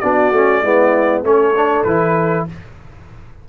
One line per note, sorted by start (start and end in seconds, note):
0.00 0.32 B3
0.00 0.34 D4
0.00 0.62 F#4
0.00 1.22 D5
0.32 0.62 A3
0.32 0.64 C#4
0.62 1.23 G#3
0.62 1.24 B3
0.62 1.23 E4
1.23 1.84 A3
1.23 1.55 C#4
1.23 2.48 A4
1.23 1.84 C#5
1.56 1.87 D4
1.84 2.47 E3
1.84 2.49 E4
1.84 2.45 B4